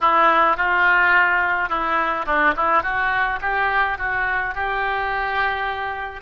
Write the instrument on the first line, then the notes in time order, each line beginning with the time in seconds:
oboe
0.00 E4
0.57 F4
1.69 E4
2.25 D4
2.56 E4
2.83 F#4
3.41 G4
3.98 F#4
4.55 G4